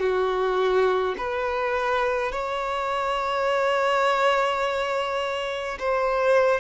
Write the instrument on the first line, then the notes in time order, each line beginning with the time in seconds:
violin
0.00 F#4
1.17 B4
2.32 C#5
5.79 C5